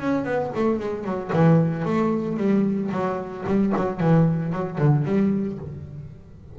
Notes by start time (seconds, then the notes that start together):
0.00 C#4
0.25 B3
0.56 A3
0.79 G#3
1.04 F#3
1.33 E3
1.85 A3
2.37 G3
2.91 F#3
3.47 G3
3.77 F#3
4.00 E3
4.53 F#3
4.78 D3
5.05 G3